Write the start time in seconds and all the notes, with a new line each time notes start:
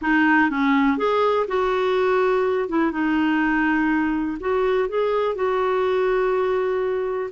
0.01 D#4
0.50 C#4
0.97 G#4
1.47 F#4
2.69 E4
2.91 D#4
4.40 F#4
4.88 G#4
5.35 F#4